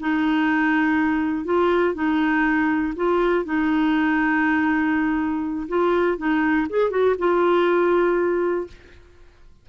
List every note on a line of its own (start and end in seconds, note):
0.00 1.45 D#4
1.45 1.94 F4
1.95 2.94 D#4
2.96 3.45 F4
3.45 5.68 D#4
5.68 6.18 F4
6.18 6.67 D#4
6.70 6.90 G#4
6.90 7.15 F#4
7.19 8.67 F4